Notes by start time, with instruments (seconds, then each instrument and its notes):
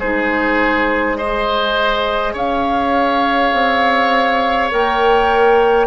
0.00 bassoon G#3, clarinet D#4, oboe G#4, flute C5
1.17 clarinet G#4, oboe C5, flute D#5
2.34 bassoon C#4, oboe C#5, flute F5
3.53 bassoon C4
4.72 bassoon A#3, clarinet A#4, flute G5